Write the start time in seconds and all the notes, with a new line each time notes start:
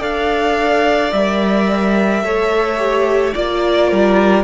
0.00 D4 A4 D5 F5
1.13 G3 A#4 E5
2.23 A3 A4 C#5
2.78 G4
3.34 A#3 F4 D5
3.89 G3 A#4